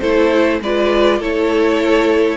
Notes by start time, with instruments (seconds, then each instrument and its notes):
0.00 cello A3, viola E4, violin A4 C5
0.60 cello G#3, viola F4, violin B4 D5
1.19 cello A3, viola E4, violin A4 C#5